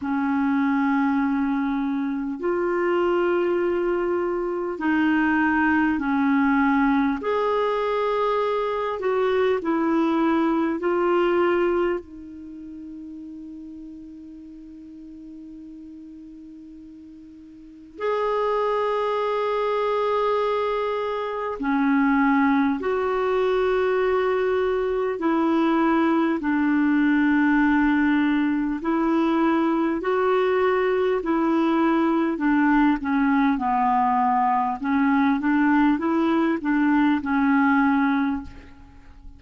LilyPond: \new Staff \with { instrumentName = "clarinet" } { \time 4/4 \tempo 4 = 50 cis'2 f'2 | dis'4 cis'4 gis'4. fis'8 | e'4 f'4 dis'2~ | dis'2. gis'4~ |
gis'2 cis'4 fis'4~ | fis'4 e'4 d'2 | e'4 fis'4 e'4 d'8 cis'8 | b4 cis'8 d'8 e'8 d'8 cis'4 | }